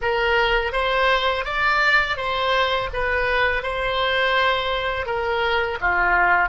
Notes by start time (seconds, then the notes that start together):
0.01 A#4
0.72 C5
1.45 D5
2.17 C5
2.93 B4
3.62 C5
5.05 A#4
5.81 F4